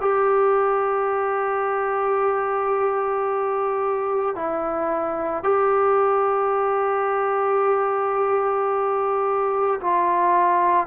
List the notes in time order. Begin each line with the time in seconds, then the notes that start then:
0.00 G4
4.35 E4
5.43 G4
9.80 F4